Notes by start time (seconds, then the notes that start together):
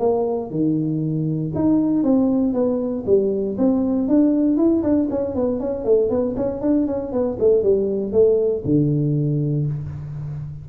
0.00 A#3
0.51 D#3
1.56 D#4
2.04 C4
2.54 B3
3.07 G3
3.58 C4
4.09 D4
4.58 E4
4.84 D4
5.11 C#4
5.36 B3
5.60 C#4
5.85 A3
6.10 B3
6.37 C#4
6.61 D4
6.87 C#4
7.13 B3
7.40 A3
7.64 G3
8.13 A3
8.65 D3